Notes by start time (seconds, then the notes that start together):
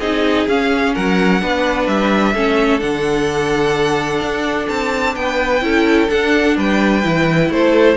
0.00 C4 D#4 G#4 D#5
0.48 C#4 F5
0.94 F#3 A#4 F#5
1.40 B3 D4 B4
1.87 G3 E5
2.34 A3 C#4 A4
2.79 D3 D4 F#5
4.21 D4
4.68 C4 A5
5.15 B3 B4 G5
5.61 C#4 E4 A4
6.08 D4 F#5
6.56 G3 B4 G5
7.03 E3 E4
7.50 A3 A4 C5